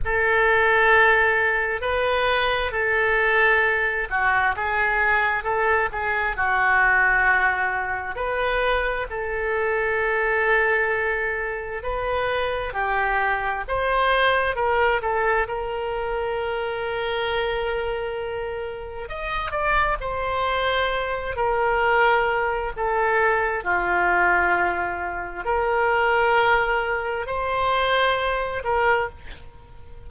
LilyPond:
\new Staff \with { instrumentName = "oboe" } { \time 4/4 \tempo 4 = 66 a'2 b'4 a'4~ | a'8 fis'8 gis'4 a'8 gis'8 fis'4~ | fis'4 b'4 a'2~ | a'4 b'4 g'4 c''4 |
ais'8 a'8 ais'2.~ | ais'4 dis''8 d''8 c''4. ais'8~ | ais'4 a'4 f'2 | ais'2 c''4. ais'8 | }